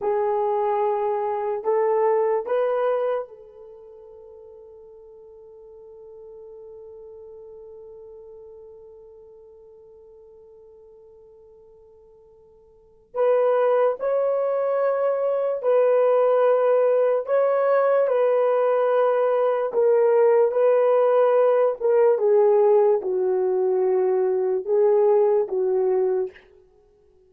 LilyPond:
\new Staff \with { instrumentName = "horn" } { \time 4/4 \tempo 4 = 73 gis'2 a'4 b'4 | a'1~ | a'1~ | a'1 |
b'4 cis''2 b'4~ | b'4 cis''4 b'2 | ais'4 b'4. ais'8 gis'4 | fis'2 gis'4 fis'4 | }